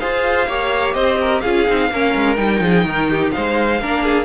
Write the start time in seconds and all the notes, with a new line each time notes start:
0.00 F4 G#4 C5 F5
0.48 A#3 G4 C#5
0.95 C4 C5 D#5
1.21 A#4
1.41 C#4 F4 G#4 F5
1.67 C4 D#4
1.91 A#3 C#4 A#4
2.15 G#3
2.36 G3 D#4 G5
2.61 F3 G#4
2.84 D#3 A#4
3.11 G4
3.32 G#3 C5 F5
3.81 A#3 D4 A#4
4.04 G#4